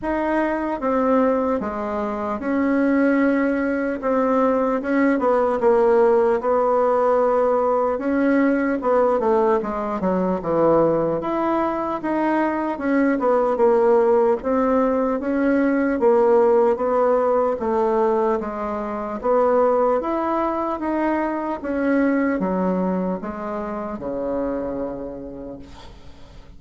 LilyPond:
\new Staff \with { instrumentName = "bassoon" } { \time 4/4 \tempo 4 = 75 dis'4 c'4 gis4 cis'4~ | cis'4 c'4 cis'8 b8 ais4 | b2 cis'4 b8 a8 | gis8 fis8 e4 e'4 dis'4 |
cis'8 b8 ais4 c'4 cis'4 | ais4 b4 a4 gis4 | b4 e'4 dis'4 cis'4 | fis4 gis4 cis2 | }